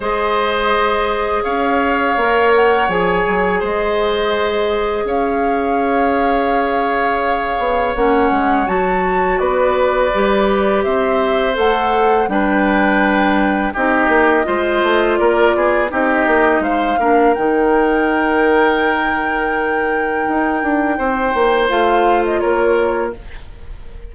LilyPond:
<<
  \new Staff \with { instrumentName = "flute" } { \time 4/4 \tempo 4 = 83 dis''2 f''4. fis''8 | gis''4 dis''2 f''4~ | f''2. fis''4 | a''4 d''2 e''4 |
fis''4 g''2 dis''4~ | dis''4 d''4 dis''4 f''4 | g''1~ | g''2 f''8. dis''16 cis''4 | }
  \new Staff \with { instrumentName = "oboe" } { \time 4/4 c''2 cis''2~ | cis''4 c''2 cis''4~ | cis''1~ | cis''4 b'2 c''4~ |
c''4 b'2 g'4 | c''4 ais'8 gis'8 g'4 c''8 ais'8~ | ais'1~ | ais'4 c''2 ais'4 | }
  \new Staff \with { instrumentName = "clarinet" } { \time 4/4 gis'2. ais'4 | gis'1~ | gis'2. cis'4 | fis'2 g'2 |
a'4 d'2 dis'4 | f'2 dis'4. d'8 | dis'1~ | dis'2 f'2 | }
  \new Staff \with { instrumentName = "bassoon" } { \time 4/4 gis2 cis'4 ais4 | f8 fis8 gis2 cis'4~ | cis'2~ cis'8 b8 ais8 gis8 | fis4 b4 g4 c'4 |
a4 g2 c'8 ais8 | gis8 a8 ais8 b8 c'8 ais8 gis8 ais8 | dis1 | dis'8 d'8 c'8 ais8 a4 ais4 | }
>>